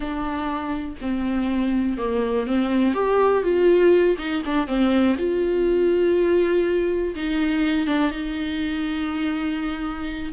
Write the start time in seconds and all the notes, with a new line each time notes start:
0.00 D4
1.01 C4
1.97 A#3
2.46 C4
2.94 G4
3.43 F4
4.18 D#4
4.45 D4
4.67 C4
5.18 F4
7.15 D#4
7.87 D4
8.11 D#4